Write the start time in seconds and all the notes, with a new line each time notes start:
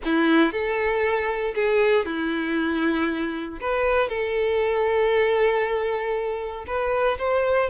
0.04 E4
0.52 A4
1.55 G#4
2.05 E4
3.60 B4
4.08 A4
6.66 B4
7.18 C5